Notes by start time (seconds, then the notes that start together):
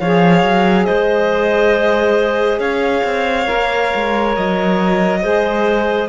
0.00 F3 G#4 C#5 F5
0.43 F#3
0.85 G#3 C5 D#5
2.59 C#4 C#5 F5
3.04 C4
3.45 A#3 A#4
3.95 G#3
4.36 F#3 D#5
5.22 G#3 G#4 C5